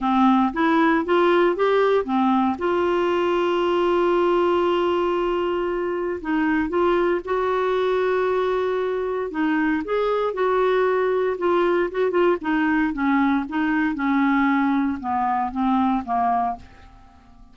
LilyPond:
\new Staff \with { instrumentName = "clarinet" } { \time 4/4 \tempo 4 = 116 c'4 e'4 f'4 g'4 | c'4 f'2.~ | f'1 | dis'4 f'4 fis'2~ |
fis'2 dis'4 gis'4 | fis'2 f'4 fis'8 f'8 | dis'4 cis'4 dis'4 cis'4~ | cis'4 b4 c'4 ais4 | }